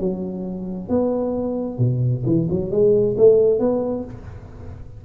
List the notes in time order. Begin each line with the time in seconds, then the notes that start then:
0.00 F#3
0.89 B3
1.78 B2
2.26 E3
2.50 F#3
2.71 G#3
3.17 A3
3.59 B3